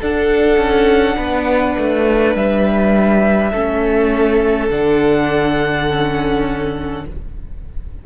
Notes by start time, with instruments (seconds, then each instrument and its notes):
0.00 viola D4, cello D4, violin A4 F#5
0.58 cello C#4
1.16 cello B3, violin B4
1.78 cello A3
2.35 cello G3, violin E5
3.53 cello A3, viola C#4, violin A4
4.70 cello D3, viola D4, violin F#5
5.88 viola C#4